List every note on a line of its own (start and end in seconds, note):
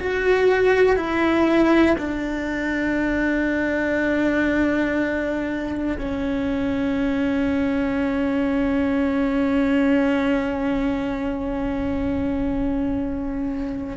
0.00 0.96 F#4
0.96 1.96 E4
1.98 5.98 D4
5.99 13.97 C#4